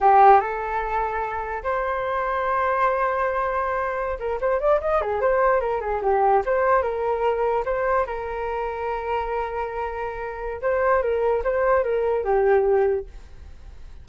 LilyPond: \new Staff \with { instrumentName = "flute" } { \time 4/4 \tempo 4 = 147 g'4 a'2. | c''1~ | c''2~ c''16 ais'8 c''8 d''8 dis''16~ | dis''16 gis'8 c''4 ais'8 gis'8 g'4 c''16~ |
c''8. ais'2 c''4 ais'16~ | ais'1~ | ais'2 c''4 ais'4 | c''4 ais'4 g'2 | }